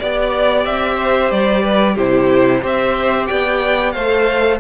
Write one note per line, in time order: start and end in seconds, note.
0.00 0.66 B3
0.00 1.98 G4
0.00 0.97 D5
0.00 0.66 D5
0.66 1.32 C4
0.66 1.31 E5
0.97 1.63 C5
1.31 1.97 G3
1.31 1.97 D5
1.63 1.95 B4
1.95 2.63 C3
1.95 2.62 E4
1.95 2.61 G4
1.95 2.63 C5
2.62 3.29 C4
2.62 3.94 G4
2.62 3.28 C5
2.62 3.27 E5
3.27 3.95 B3
3.27 3.94 D5
3.27 3.92 G5
3.92 4.61 A3
3.92 4.61 A4
3.92 4.60 C5
3.92 4.58 F5